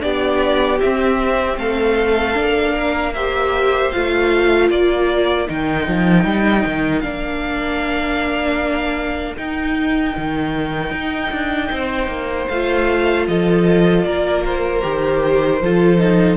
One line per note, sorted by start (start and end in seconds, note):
0.00 0.81 B3
0.00 0.78 D4
0.00 1.59 G4
0.00 0.79 D5
0.81 2.35 C4
0.81 1.58 C4
0.81 1.58 E5
1.58 2.36 A3
1.58 2.74 A4
1.58 3.14 F5
2.35 3.92 A#3
2.35 3.12 D4
2.74 3.13 A#4
3.14 3.93 G4
3.14 4.71 C5
3.14 3.91 E5
3.91 4.71 A3
3.91 5.48 F4
3.91 4.69 F5
4.71 5.49 A#3
4.71 11.72 A#4
4.71 5.49 D5
5.48 5.87 D#3
5.48 7.03 D#4
5.48 7.00 G5
5.87 6.25 F3
6.25 6.64 G3
6.66 7.03 D#3
7.00 9.37 A#3
7.00 9.37 D4
7.00 9.34 F5
9.38 12.49 D#4
9.38 10.16 D#4
9.38 12.49 G5
10.17 10.91 D#3
10.91 11.30 D#4
11.32 11.71 D4
11.72 12.07 C4
11.72 13.28 C5
12.07 12.46 A#3
12.49 13.28 A3
12.49 14.82 F4
12.49 13.26 F5
13.28 14.06 F3
13.28 14.06 A4
13.28 14.04 D#5
14.04 14.84 A#3
14.04 15.62 A#4
14.04 14.43 D5
14.46 16.37 C5
14.82 15.61 D#3
14.82 15.60 G4
15.61 16.37 F3
15.61 15.99 F4
15.61 16.37 A4
15.99 16.37 D#4